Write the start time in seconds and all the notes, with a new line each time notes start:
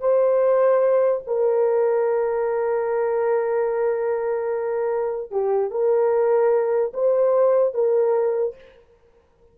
0.00 C5
1.27 A#4
5.31 G4
5.71 A#4
6.93 C5
7.74 A#4